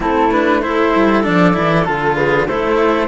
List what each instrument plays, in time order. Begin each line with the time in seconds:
0.00 cello A3 C4, clarinet E4, flute A4
0.31 cello D4, flute B4
0.61 cello E4, clarinet A4, flute C5
0.95 cello G3
1.23 cello F3 D4, flute D5
1.53 cello E3 E4
1.85 cello D3 F4, flute A4
2.15 clarinet G#4, flute B4
2.46 cello A3 E4, clarinet A4, flute C5